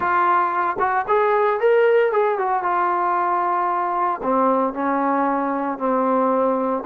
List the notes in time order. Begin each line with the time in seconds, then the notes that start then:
0.00 F4
0.79 F#4
1.07 G#4
1.59 A#4
2.12 G#4
2.38 F#4
2.62 F4
4.22 C4
4.73 C#4
5.78 C4